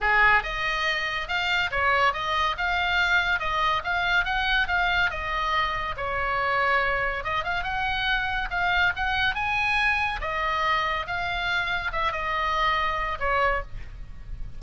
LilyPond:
\new Staff \with { instrumentName = "oboe" } { \time 4/4 \tempo 4 = 141 gis'4 dis''2 f''4 | cis''4 dis''4 f''2 | dis''4 f''4 fis''4 f''4 | dis''2 cis''2~ |
cis''4 dis''8 f''8 fis''2 | f''4 fis''4 gis''2 | dis''2 f''2 | e''8 dis''2~ dis''8 cis''4 | }